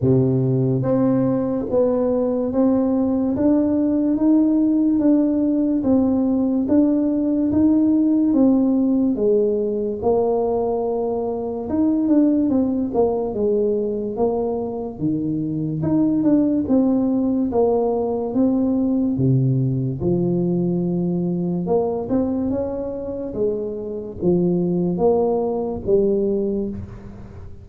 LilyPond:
\new Staff \with { instrumentName = "tuba" } { \time 4/4 \tempo 4 = 72 c4 c'4 b4 c'4 | d'4 dis'4 d'4 c'4 | d'4 dis'4 c'4 gis4 | ais2 dis'8 d'8 c'8 ais8 |
gis4 ais4 dis4 dis'8 d'8 | c'4 ais4 c'4 c4 | f2 ais8 c'8 cis'4 | gis4 f4 ais4 g4 | }